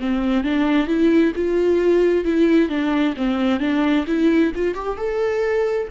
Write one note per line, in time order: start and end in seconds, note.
0.00 0.44 C4
0.44 0.87 D4
0.87 1.33 E4
1.36 2.25 F4
2.25 2.69 E4
2.69 3.14 D4
3.17 3.60 C4
3.60 4.05 D4
4.07 4.52 E4
4.55 4.75 F4
4.75 4.98 G4
4.98 5.88 A4